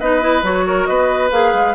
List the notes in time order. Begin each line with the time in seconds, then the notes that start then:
0.00 B3 D#4 B4 D#5
0.21 E4
0.43 F#3 F#4 C#5
0.67 A#4
0.86 B3 B4 D#5
1.31 A#3 G#4 F5
1.54 G#3